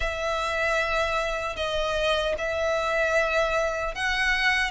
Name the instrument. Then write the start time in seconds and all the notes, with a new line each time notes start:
violin
0.00 E5
1.56 D#5
2.38 E5
3.94 F#5